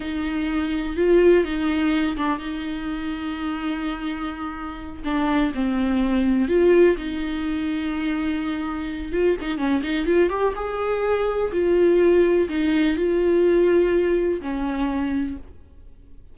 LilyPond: \new Staff \with { instrumentName = "viola" } { \time 4/4 \tempo 4 = 125 dis'2 f'4 dis'4~ | dis'8 d'8 dis'2.~ | dis'2~ dis'8 d'4 c'8~ | c'4. f'4 dis'4.~ |
dis'2. f'8 dis'8 | cis'8 dis'8 f'8 g'8 gis'2 | f'2 dis'4 f'4~ | f'2 cis'2 | }